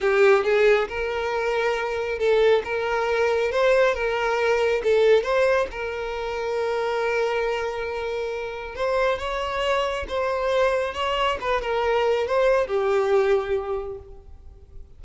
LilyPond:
\new Staff \with { instrumentName = "violin" } { \time 4/4 \tempo 4 = 137 g'4 gis'4 ais'2~ | ais'4 a'4 ais'2 | c''4 ais'2 a'4 | c''4 ais'2.~ |
ais'1 | c''4 cis''2 c''4~ | c''4 cis''4 b'8 ais'4. | c''4 g'2. | }